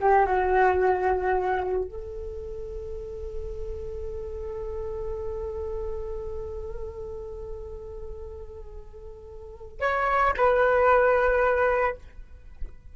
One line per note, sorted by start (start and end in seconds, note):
0.00 0.26 G4
0.26 1.84 F#4
1.84 9.80 A4
9.80 10.33 C#5
10.37 11.96 B4